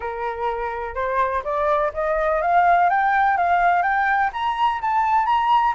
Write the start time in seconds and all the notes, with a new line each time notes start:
0.00 A#4
0.94 C5
1.44 D5
1.93 D#5
2.41 F5
2.89 G5
3.37 F5
3.82 G5
4.32 A#5
4.81 A5
5.26 A#5